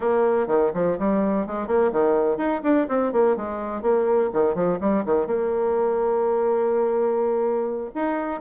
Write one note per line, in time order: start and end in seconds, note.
0.00 0.47 A#3
0.47 0.71 D#3
0.73 0.97 F3
0.98 1.46 G3
1.46 1.67 G#3
1.67 1.91 A#3
1.92 2.37 D#3
2.37 2.61 D#4
2.63 2.87 D4
2.88 3.12 C4
3.12 3.36 A#3
3.36 3.82 G#3
3.82 4.30 A#3
4.33 4.54 D#3
4.54 4.78 F3
4.80 5.04 G3
5.05 5.26 D#3
5.26 7.90 A#3
7.94 8.40 D#4